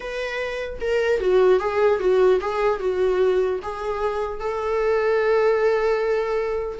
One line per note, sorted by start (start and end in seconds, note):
0.00 0.79 B4
0.81 1.20 A#4
1.20 1.59 F#4
1.59 1.99 G#4
1.99 2.39 F#4
2.40 2.79 G#4
2.79 3.59 F#4
3.62 4.39 G#4
4.39 6.79 A4